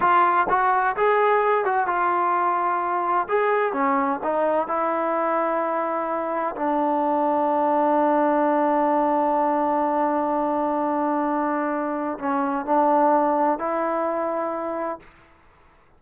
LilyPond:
\new Staff \with { instrumentName = "trombone" } { \time 4/4 \tempo 4 = 128 f'4 fis'4 gis'4. fis'8 | f'2. gis'4 | cis'4 dis'4 e'2~ | e'2 d'2~ |
d'1~ | d'1~ | d'2 cis'4 d'4~ | d'4 e'2. | }